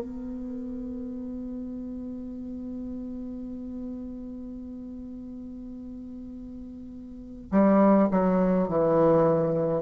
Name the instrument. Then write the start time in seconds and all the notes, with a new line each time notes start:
bassoon
0.00 B3
7.51 G3
8.11 F#3
8.68 E3